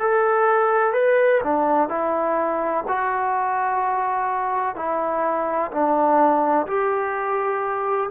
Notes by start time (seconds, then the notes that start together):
0.00 A4
0.94 B4
1.44 D4
1.89 E4
2.88 F#4
4.76 E4
5.71 D4
6.67 G4